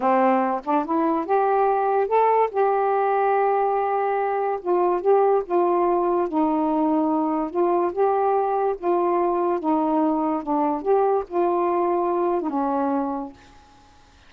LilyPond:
\new Staff \with { instrumentName = "saxophone" } { \time 4/4 \tempo 4 = 144 c'4. d'8 e'4 g'4~ | g'4 a'4 g'2~ | g'2. f'4 | g'4 f'2 dis'4~ |
dis'2 f'4 g'4~ | g'4 f'2 dis'4~ | dis'4 d'4 g'4 f'4~ | f'4.~ f'16 dis'16 cis'2 | }